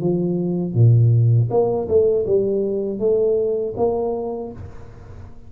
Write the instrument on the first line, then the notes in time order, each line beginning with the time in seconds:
tuba
0.00 F3
0.74 A#2
1.50 A#3
1.88 A3
2.26 G3
2.99 A3
3.76 A#3